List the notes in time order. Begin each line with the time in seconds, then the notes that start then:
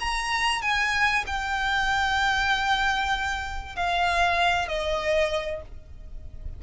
0.00 A#5
0.62 G#5
1.27 G5
3.76 F5
4.68 D#5